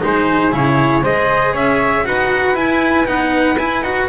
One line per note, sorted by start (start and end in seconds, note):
0.00 0.52 G#3
0.00 0.51 D#4
0.00 1.02 G#4
0.00 0.54 C5
0.51 1.02 C#3
0.51 1.02 E4
0.51 1.03 C#5
1.02 1.53 G#3
1.02 2.04 G#4
1.02 1.53 C5
1.02 1.54 D#5
1.53 2.04 C#4
1.53 2.03 C#5
1.53 2.06 E5
2.04 2.56 D#4
2.04 2.54 F#4
2.04 4.08 B4
2.04 2.55 F#5
2.54 3.05 E4
2.54 3.07 E4
2.54 3.06 G#5
3.05 3.58 B3
3.05 3.56 D#4
3.05 3.57 F#5
3.58 3.81 E4
3.58 3.84 E4
3.58 3.83 G#5
3.81 4.06 D#4
3.81 4.08 F#4
3.81 4.08 F#5